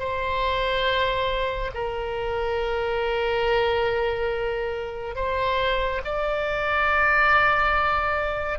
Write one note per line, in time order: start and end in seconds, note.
0.00 1.71 C5
1.75 5.16 A#4
5.16 6.02 C5
6.05 8.59 D5